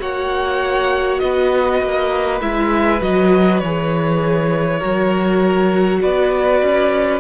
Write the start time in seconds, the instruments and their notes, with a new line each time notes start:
0.00 cello A#3, viola F#4, violin C#5 F#5
1.19 cello B3, violin B4 D#5
1.82 cello A#3
2.41 cello G#3, viola E4, violin E5
3.01 cello F#3, viola F#4, violin D#5
3.59 cello E3, viola G#4, violin C#5
4.79 cello F#3, viola F#4, violin A#4
6.02 cello B3, violin B4 D5
6.62 cello C#4